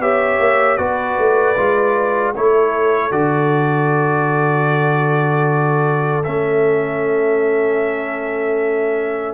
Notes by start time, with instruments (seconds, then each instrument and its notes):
0.00 tuba B3, trombone G4, horn C#5, trumpet E5
0.40 tuba A#3
0.77 tuba B3, trombone F#4, horn B4, trumpet D5
1.19 tuba A3
1.57 tuba G#3, trombone F4
2.36 tuba A3, trombone E4, horn A4, trumpet C#5
3.11 tuba D3, trombone F#4, trumpet D5
6.24 tuba A3, trombone C#4, trumpet E5